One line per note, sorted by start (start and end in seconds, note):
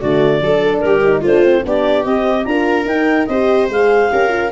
0.00 0.41 D3
0.00 0.40 A3
0.00 0.41 F#4
0.00 0.78 D5
0.40 0.82 F#3
0.40 1.02 D4
0.40 0.84 A4
0.78 1.23 G3
0.78 1.20 A#4
0.85 1.21 G4
1.04 1.24 D#4
1.21 1.64 A3
1.21 1.44 D4
1.21 1.62 F4
1.21 1.65 C5
1.44 1.65 C4
1.65 2.05 B3
1.65 2.06 D4
1.65 2.49 G4
1.65 2.04 D5
2.04 2.46 C4
2.04 2.45 C4
2.04 2.45 D#5
2.45 2.85 D4
2.45 2.86 F4
2.45 3.29 A#4
2.45 2.86 A#5
2.85 3.26 D#4
2.85 3.30 D#4
2.85 3.26 G5
3.26 3.69 C4
3.26 3.71 G4
3.26 4.12 C5
3.26 3.67 D#5
3.69 4.10 G#3
3.69 4.10 G#4
3.69 4.52 F5
4.10 4.52 C#4
4.10 4.29 G4
4.10 4.52 A#4
4.29 4.49 F4